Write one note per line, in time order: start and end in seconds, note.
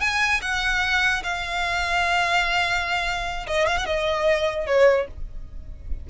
0.00 0.41 G#5
0.41 1.22 F#5
1.23 3.46 F5
3.46 3.67 D#5
3.67 3.77 F5
3.77 3.85 F#5
3.85 4.66 D#5
4.66 5.07 C#5